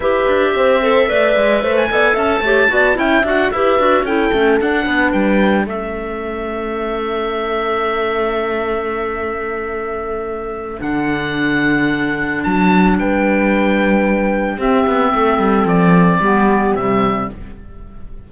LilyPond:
<<
  \new Staff \with { instrumentName = "oboe" } { \time 4/4 \tempo 4 = 111 e''2.~ e''16 gis''8. | a''4. g''8 fis''8 e''4 g''8~ | g''8 fis''4 g''4 e''4.~ | e''1~ |
e''1 | fis''2. a''4 | g''2. e''4~ | e''4 d''2 e''4 | }
  \new Staff \with { instrumentName = "horn" } { \time 4/4 b'4 c''4 d''4 c''8 d''8 | e''8 cis''8 d''8 e''4 b'4 a'8~ | a'4 b'4. a'4.~ | a'1~ |
a'1~ | a'1 | b'2. g'4 | a'2 g'2 | }
  \new Staff \with { instrumentName = "clarinet" } { \time 4/4 g'4. a'8 b'4. a'8~ | a'8 g'8 fis'8 e'8 fis'8 g'8 fis'8 e'8 | cis'8 d'2 cis'4.~ | cis'1~ |
cis'1 | d'1~ | d'2. c'4~ | c'2 b4 g4 | }
  \new Staff \with { instrumentName = "cello" } { \time 4/4 e'8 d'8 c'4 a8 gis8 a8 b8 | cis'8 a8 b8 cis'8 d'8 e'8 d'8 cis'8 | a8 d'8 b8 g4 a4.~ | a1~ |
a1 | d2. fis4 | g2. c'8 b8 | a8 g8 f4 g4 c4 | }
>>